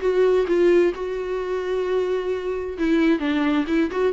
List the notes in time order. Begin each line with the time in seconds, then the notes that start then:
0.00 F#4
0.47 F4
0.94 F#4
2.78 E4
3.19 D4
3.67 E4
3.91 F#4